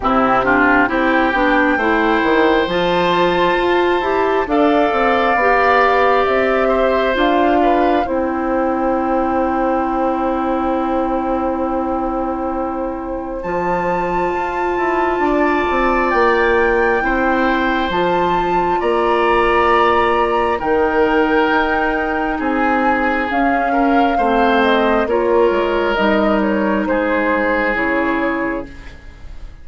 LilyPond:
<<
  \new Staff \with { instrumentName = "flute" } { \time 4/4 \tempo 4 = 67 g'4 g''2 a''4~ | a''4 f''2 e''4 | f''4 g''2.~ | g''2. a''4~ |
a''2 g''2 | a''4 ais''2 g''4~ | g''4 gis''4 f''4. dis''8 | cis''4 dis''8 cis''8 c''4 cis''4 | }
  \new Staff \with { instrumentName = "oboe" } { \time 4/4 e'8 f'8 g'4 c''2~ | c''4 d''2~ d''8 c''8~ | c''8 b'8 c''2.~ | c''1~ |
c''4 d''2 c''4~ | c''4 d''2 ais'4~ | ais'4 gis'4. ais'8 c''4 | ais'2 gis'2 | }
  \new Staff \with { instrumentName = "clarinet" } { \time 4/4 c'8 d'8 e'8 d'8 e'4 f'4~ | f'8 g'8 a'4 g'2 | f'4 e'2.~ | e'2. f'4~ |
f'2. e'4 | f'2. dis'4~ | dis'2 cis'4 c'4 | f'4 dis'2 e'4 | }
  \new Staff \with { instrumentName = "bassoon" } { \time 4/4 c4 c'8 b8 a8 dis8 f4 | f'8 e'8 d'8 c'8 b4 c'4 | d'4 c'2.~ | c'2. f4 |
f'8 e'8 d'8 c'8 ais4 c'4 | f4 ais2 dis4 | dis'4 c'4 cis'4 a4 | ais8 gis8 g4 gis4 cis4 | }
>>